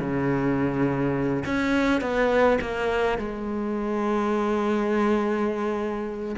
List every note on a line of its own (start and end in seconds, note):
0.00 1.44 C#3
1.46 2.01 C#4
2.01 2.59 B3
2.61 3.18 A#3
3.18 6.36 G#3